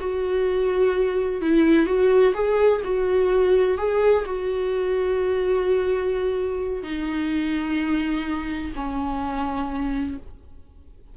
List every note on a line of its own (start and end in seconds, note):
0.00 1.42 F#4
1.42 1.87 E4
1.87 2.34 F#4
2.35 2.82 G#4
2.84 3.78 F#4
3.78 4.25 G#4
4.26 6.83 F#4
6.83 8.72 D#4
8.76 10.17 C#4